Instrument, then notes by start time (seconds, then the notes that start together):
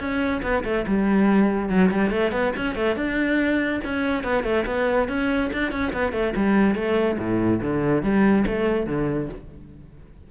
cello
0.00 C#4
0.43 B3
0.64 A3
0.88 G3
1.70 F#3
1.91 G3
2.11 A3
2.32 B3
2.57 C#4
2.76 A3
2.96 D4
3.85 C#4
4.24 B3
4.44 A3
4.66 B3
5.09 C#4
5.53 D4
5.72 C#4
5.93 B3
6.13 A3
6.36 G3
6.75 A3
7.19 A2
7.62 D3
8.03 G3
8.47 A3
8.87 D3